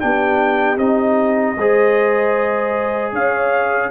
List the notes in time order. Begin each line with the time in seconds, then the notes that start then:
0.00 B3 D4 G4 G5
0.77 C4 D#4 D#5
1.57 G#3 G#4 C5
3.12 C#4 C#5 F5